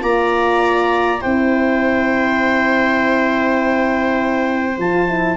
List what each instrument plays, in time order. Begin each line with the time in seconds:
0.00 tuba A#3, horn F4, viola D5, clarinet A#5
1.19 tuba C4, horn E4, viola C5, clarinet G5
4.78 tuba F3, horn F4, clarinet A5
5.08 horn E4